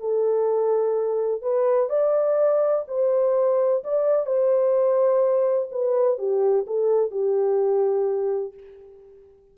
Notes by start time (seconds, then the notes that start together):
0.00 A4
1.42 B4
1.89 D5
2.88 C5
3.84 D5
4.26 C5
5.72 B4
6.18 G4
6.67 A4
7.11 G4